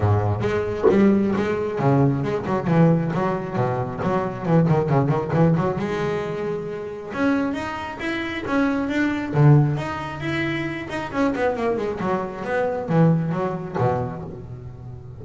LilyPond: \new Staff \with { instrumentName = "double bass" } { \time 4/4 \tempo 4 = 135 gis,4 gis4 g4 gis4 | cis4 gis8 fis8 e4 fis4 | b,4 fis4 e8 dis8 cis8 dis8 | e8 fis8 gis2. |
cis'4 dis'4 e'4 cis'4 | d'4 d4 dis'4 e'4~ | e'8 dis'8 cis'8 b8 ais8 gis8 fis4 | b4 e4 fis4 b,4 | }